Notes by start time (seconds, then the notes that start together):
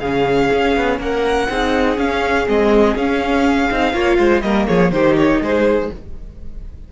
0.00 C#3 C#4 G#4 F5
0.53 C#4
0.76 B3
0.99 A#3 A#4 F#5
1.49 C4 D#4 G#4
1.98 C#4 F5
2.47 G#3 C4 D#5
2.96 C#4 F5
3.71 C4 D#4
3.93 A#3 F4 C#5
4.18 G#3 C5
4.41 G3 A#3 A#4 D#5
4.67 F3 G#4 C#5
4.91 D#3 D#4 G4 C5
5.17 C#5
5.41 G#3 G#4 C5